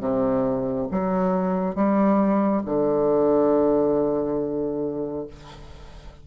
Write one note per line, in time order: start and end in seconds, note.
0.00 0.87 C3
0.91 1.75 F#3
1.75 2.62 G3
2.66 5.26 D3